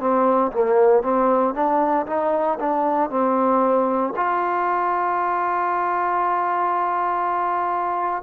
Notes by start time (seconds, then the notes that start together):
0.00 C4
0.52 A#3
1.03 C4
1.55 D4
2.06 D#4
2.60 D4
3.10 C4
4.16 F4